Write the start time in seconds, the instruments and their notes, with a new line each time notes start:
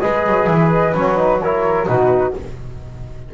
0.00 double bass G#3, trombone G#4, flute B4 D#5
0.27 double bass F#3
0.46 double bass E3, flute E5
0.71 flute D#5
0.93 double bass F#3, trombone C#4, flute C#5
1.16 trombone D#4, flute B4
1.41 trombone E4, flute A#4 C#5
1.87 double bass B2, trombone D#4, flute F#4 B4